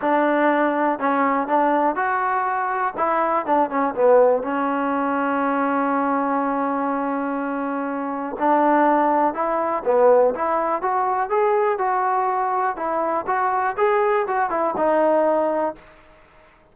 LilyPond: \new Staff \with { instrumentName = "trombone" } { \time 4/4 \tempo 4 = 122 d'2 cis'4 d'4 | fis'2 e'4 d'8 cis'8 | b4 cis'2.~ | cis'1~ |
cis'4 d'2 e'4 | b4 e'4 fis'4 gis'4 | fis'2 e'4 fis'4 | gis'4 fis'8 e'8 dis'2 | }